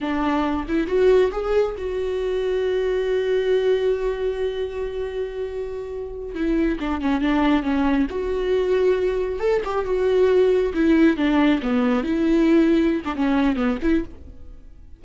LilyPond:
\new Staff \with { instrumentName = "viola" } { \time 4/4 \tempo 4 = 137 d'4. e'8 fis'4 gis'4 | fis'1~ | fis'1~ | fis'2~ fis'8 e'4 d'8 |
cis'8 d'4 cis'4 fis'4.~ | fis'4. a'8 g'8 fis'4.~ | fis'8 e'4 d'4 b4 e'8~ | e'4.~ e'16 d'16 cis'4 b8 e'8 | }